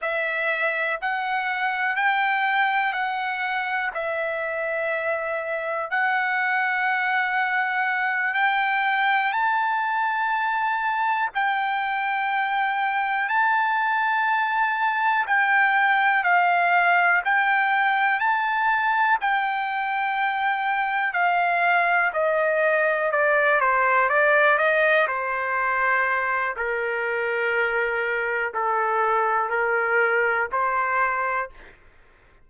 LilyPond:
\new Staff \with { instrumentName = "trumpet" } { \time 4/4 \tempo 4 = 61 e''4 fis''4 g''4 fis''4 | e''2 fis''2~ | fis''8 g''4 a''2 g''8~ | g''4. a''2 g''8~ |
g''8 f''4 g''4 a''4 g''8~ | g''4. f''4 dis''4 d''8 | c''8 d''8 dis''8 c''4. ais'4~ | ais'4 a'4 ais'4 c''4 | }